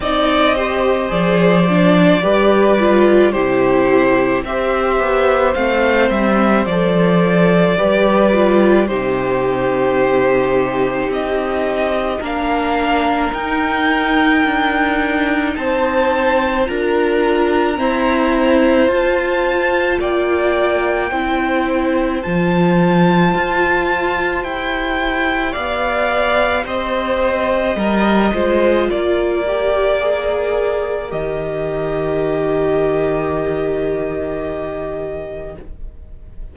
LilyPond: <<
  \new Staff \with { instrumentName = "violin" } { \time 4/4 \tempo 4 = 54 dis''4 d''2 c''4 | e''4 f''8 e''8 d''2 | c''2 dis''4 f''4 | g''2 a''4 ais''4~ |
ais''4 a''4 g''2 | a''2 g''4 f''4 | dis''2 d''2 | dis''1 | }
  \new Staff \with { instrumentName = "violin" } { \time 4/4 d''8 c''4. b'4 g'4 | c''2. b'4 | g'2. ais'4~ | ais'2 c''4 ais'4 |
c''2 d''4 c''4~ | c''2. d''4 | c''4 ais'8 c''8 ais'2~ | ais'1 | }
  \new Staff \with { instrumentName = "viola" } { \time 4/4 dis'8 g'8 gis'8 d'8 g'8 f'8 e'4 | g'4 c'4 a'4 g'8 f'8 | dis'2. d'4 | dis'2. f'4 |
c'4 f'2 e'4 | f'2 g'2~ | g'4. f'4 g'8 gis'4 | g'1 | }
  \new Staff \with { instrumentName = "cello" } { \time 4/4 c'4 f4 g4 c4 | c'8 b8 a8 g8 f4 g4 | c2 c'4 ais4 | dis'4 d'4 c'4 d'4 |
e'4 f'4 ais4 c'4 | f4 f'4 e'4 b4 | c'4 g8 gis8 ais2 | dis1 | }
>>